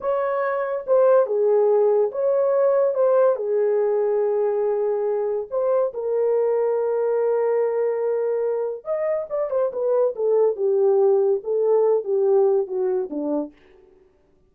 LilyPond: \new Staff \with { instrumentName = "horn" } { \time 4/4 \tempo 4 = 142 cis''2 c''4 gis'4~ | gis'4 cis''2 c''4 | gis'1~ | gis'4 c''4 ais'2~ |
ais'1~ | ais'4 dis''4 d''8 c''8 b'4 | a'4 g'2 a'4~ | a'8 g'4. fis'4 d'4 | }